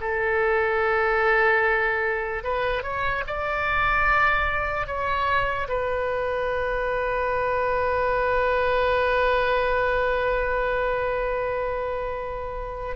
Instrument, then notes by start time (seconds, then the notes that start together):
oboe
0.00 A4
2.43 B4
2.83 C#5
3.26 D5
4.86 C#5
5.68 B4